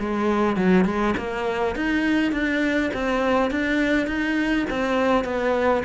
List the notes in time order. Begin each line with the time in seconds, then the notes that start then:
0.00 G#3
0.57 F#3
0.85 G#3
1.17 A#3
1.76 D#4
2.32 D4
2.94 C4
3.51 D4
4.07 D#4
4.70 C4
5.25 B3